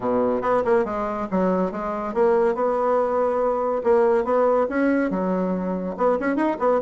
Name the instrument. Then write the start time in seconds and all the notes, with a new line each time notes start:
bassoon
0.00 B2
0.41 B3
0.64 A#3
0.85 G#3
1.31 F#3
1.71 G#3
2.14 A#3
2.54 B3
3.83 A#3
4.24 B3
4.69 C#4
5.10 F#3
5.97 B3
6.19 C#4
6.35 D#4
6.59 B3